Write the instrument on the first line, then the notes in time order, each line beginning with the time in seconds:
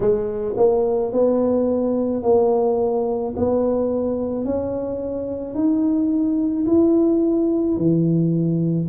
tuba
0.00 G#3
0.57 A#3
1.12 B3
2.22 A#3
3.36 B3
4.44 C#4
5.54 D#4
6.66 E4
7.77 E3